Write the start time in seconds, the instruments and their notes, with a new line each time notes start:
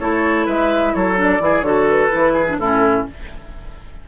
0.00 bassoon A3, clarinet E4, oboe A4, flute C#5
0.46 bassoon G#3, oboe B4, flute E5
0.95 bassoon F#3, oboe A4, flute C#5
1.16 clarinet D4
1.23 flute D5
1.40 bassoon E3, clarinet E4, oboe G#4
1.61 bassoon D3, clarinet F#4, oboe A4, flute C#5
1.89 flute B4
2.11 bassoon E3, clarinet E4
2.34 oboe G#4
2.49 clarinet D4
2.59 bassoon A2, clarinet C#4, oboe E4, flute A4